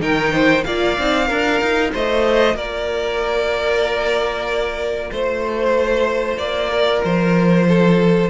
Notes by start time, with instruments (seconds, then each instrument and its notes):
0.00 cello D#3, viola D#4, violin A#4 G5
0.32 violin C5
0.64 cello A#3, viola F4, violin D5 F5
0.98 cello C4, viola D#4
1.27 cello D4, viola F4, violin A#4
1.61 cello D#4
1.92 cello A3, violin C5 D#5
2.55 cello A#3, violin A#4 D5
5.11 cello A3, violin C5
6.37 cello A#3, violin D5
6.70 violin A#4
7.04 cello F3, violin C5
7.68 violin A4